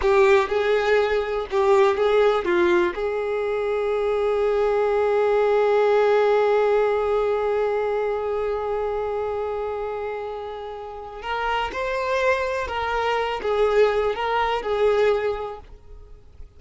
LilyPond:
\new Staff \with { instrumentName = "violin" } { \time 4/4 \tempo 4 = 123 g'4 gis'2 g'4 | gis'4 f'4 gis'2~ | gis'1~ | gis'1~ |
gis'1~ | gis'2. ais'4 | c''2 ais'4. gis'8~ | gis'4 ais'4 gis'2 | }